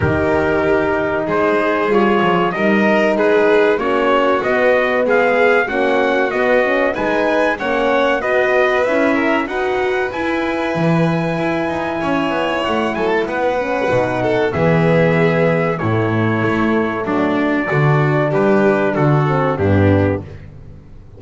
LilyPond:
<<
  \new Staff \with { instrumentName = "trumpet" } { \time 4/4 \tempo 4 = 95 ais'2 c''4 cis''4 | dis''4 b'4 cis''4 dis''4 | f''4 fis''4 dis''4 gis''4 | fis''4 dis''4 e''4 fis''4 |
gis''1 | fis''8 gis''16 a''16 fis''2 e''4~ | e''4 cis''2 d''4~ | d''4 b'4 a'4 g'4 | }
  \new Staff \with { instrumentName = "violin" } { \time 4/4 g'2 gis'2 | ais'4 gis'4 fis'2 | gis'4 fis'2 b'4 | cis''4 b'4. ais'8 b'4~ |
b'2. cis''4~ | cis''8 a'8 b'4. a'8 gis'4~ | gis'4 e'2 d'4 | fis'4 g'4 fis'4 d'4 | }
  \new Staff \with { instrumentName = "horn" } { \time 4/4 dis'2. f'4 | dis'2 cis'4 b4~ | b4 cis'4 b8 cis'8 dis'4 | cis'4 fis'4 e'4 fis'4 |
e'1~ | e'4. cis'8 dis'4 b4~ | b4 a2. | d'2~ d'8 c'8 b4 | }
  \new Staff \with { instrumentName = "double bass" } { \time 4/4 dis2 gis4 g8 f8 | g4 gis4 ais4 b4 | gis4 ais4 b4 gis4 | ais4 b4 cis'4 dis'4 |
e'4 e4 e'8 dis'8 cis'8 b8 | a8 fis8 b4 b,4 e4~ | e4 a,4 a4 fis4 | d4 g4 d4 g,4 | }
>>